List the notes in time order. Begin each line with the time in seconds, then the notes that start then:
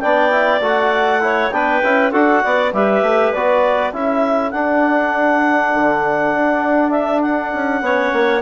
0.00 B3 D4 D5 G5
0.31 E4
0.60 A3 F#4 F#5
1.21 E4 C#5
1.51 B3 D4 B4 G5
1.83 C#4 E4
2.12 D4 F#4 A4 F#5
2.43 B3 D5
2.73 G3 G4 B4 E5
3.02 A3
3.32 B3 F#4 D5
3.92 C#4 E4 A4 E5
4.51 D4 F#5
5.74 D3
6.33 D4
6.91 E5
7.21 F#5
7.53 C#4
7.81 B3 C#4 C#5
8.13 A#3